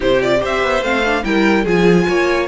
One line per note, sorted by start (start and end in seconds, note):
0.00 0.43 C3
0.00 0.19 E4
0.00 0.39 G4
0.00 0.22 C5
0.22 0.39 F4
0.22 0.42 D5
0.39 0.63 C4
0.39 0.80 G4
0.39 1.23 C5
0.45 0.83 E5
0.63 0.82 B3
0.82 1.23 A3
0.82 1.03 C4
0.82 1.24 F5
1.05 1.23 D4
1.23 1.65 G3
1.23 1.65 E4
1.23 1.64 A#4
1.23 1.65 G5
1.64 2.06 F3
1.64 2.47 F4
1.64 2.05 G#4
1.64 2.47 G#5
2.08 2.47 A#3
2.08 2.47 C#5